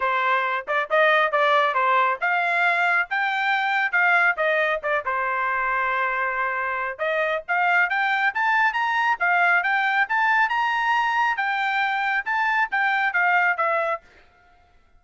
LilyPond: \new Staff \with { instrumentName = "trumpet" } { \time 4/4 \tempo 4 = 137 c''4. d''8 dis''4 d''4 | c''4 f''2 g''4~ | g''4 f''4 dis''4 d''8 c''8~ | c''1 |
dis''4 f''4 g''4 a''4 | ais''4 f''4 g''4 a''4 | ais''2 g''2 | a''4 g''4 f''4 e''4 | }